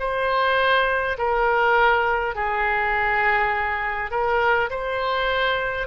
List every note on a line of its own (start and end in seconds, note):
0.00 1.18 C5
1.18 2.35 A#4
2.35 4.11 G#4
4.11 4.70 A#4
4.70 5.87 C5